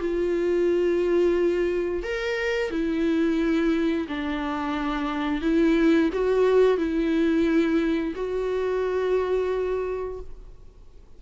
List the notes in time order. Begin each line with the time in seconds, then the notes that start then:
0.00 F4
2.03 A#4
2.71 E4
4.08 D4
5.42 E4
6.13 F#4
6.78 E4
8.16 F#4